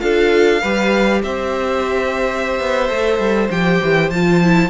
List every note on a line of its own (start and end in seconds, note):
0.00 0.63 D4
0.00 0.61 F4
0.00 0.62 A4
0.00 1.22 F5
0.62 1.24 G3
0.62 2.89 G4
0.62 1.22 B4
1.23 2.60 C4
1.23 4.70 C5
1.23 3.51 E5
2.60 2.90 B3
2.89 3.19 A3
2.89 3.50 A4
3.19 3.50 G3
3.51 3.81 F3
3.51 4.12 G4
3.51 4.10 G5
3.83 4.11 E3
4.10 4.70 F3
4.10 4.44 F4
4.10 4.70 A5
4.44 4.70 E4